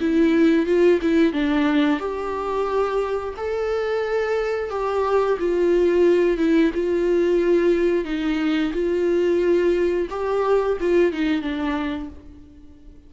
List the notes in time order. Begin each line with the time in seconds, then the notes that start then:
0.00 E4
0.66 F4
1.02 E4
1.33 D4
1.99 G4
3.37 A4
4.70 G4
5.39 F4
6.38 E4
6.74 F4
8.05 D#4
8.73 F4
10.10 G4
10.80 F4
11.12 D#4
11.41 D4